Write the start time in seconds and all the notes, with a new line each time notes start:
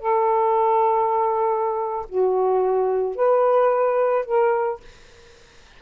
0.00 A4
2.09 F#4
3.16 B4
4.26 A#4